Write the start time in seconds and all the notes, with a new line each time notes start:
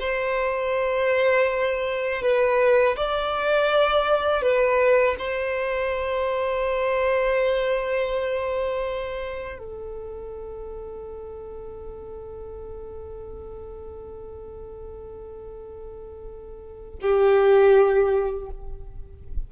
0.00 C5
2.22 B4
2.97 D5
4.42 B4
5.19 C5
9.59 A4
17.02 G4